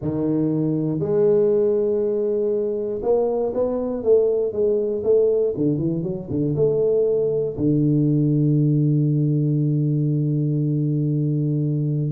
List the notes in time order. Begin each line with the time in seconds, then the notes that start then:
0.01 D#3
0.99 G#3
3.02 A#3
3.54 B3
4.03 A3
4.52 G#3
5.03 A3
5.56 D3
5.78 E3
6.03 F#3
6.30 D3
6.55 A3
7.57 D3